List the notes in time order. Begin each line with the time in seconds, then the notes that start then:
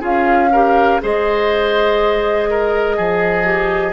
0.00 C#4 F4 G#4 F5
0.52 G4 A#4
1.01 G#3 G#4 C5 D#5
2.50 A#4
2.96 F3 G#4
3.44 G4